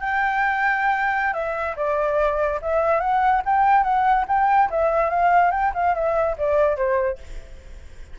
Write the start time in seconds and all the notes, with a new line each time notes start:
0.00 G5
1.34 E5
1.76 D5
2.62 E5
3.00 F#5
3.45 G5
3.83 F#5
4.28 G5
4.70 E5
5.10 F5
5.51 G5
5.74 F5
5.95 E5
6.38 D5
6.77 C5